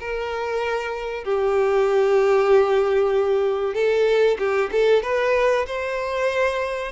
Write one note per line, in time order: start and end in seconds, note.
0.00 1.25 A#4
1.25 3.75 G4
3.75 4.38 A4
4.39 4.71 G4
4.73 5.03 A4
5.03 5.66 B4
5.67 6.92 C5